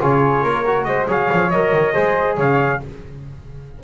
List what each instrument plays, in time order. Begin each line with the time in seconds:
0.00 double bass C#3, trombone F4, flute G#4, trumpet C#5
0.43 double bass A#3, flute A#4
0.66 trombone F#4
0.84 double bass G#3, flute C5, trumpet D#5
1.07 double bass F#3, trombone G#4, flute C#5, trumpet F5
1.32 double bass F3
1.50 double bass F#3, trombone A#4, trumpet D#5
1.72 double bass D#3
1.93 double bass G#3, trombone G#4, flute C5
2.36 double bass C#3, flute C#5, trumpet F5